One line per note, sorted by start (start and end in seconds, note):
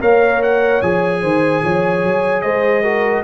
0.00 0.82 A#3
0.00 0.81 A#4
0.00 1.22 C#5
0.00 0.42 F5
0.43 0.82 F#5
0.82 1.22 F3
0.82 2.84 G#4
0.82 2.42 G#5
1.22 1.63 D#3
1.22 1.62 C5
1.63 2.04 F3
1.63 2.43 C#5
2.04 2.44 F#3
2.42 3.24 G#3
2.42 2.83 C5
2.42 3.23 D#5
2.83 3.24 F#4
2.83 3.23 A#4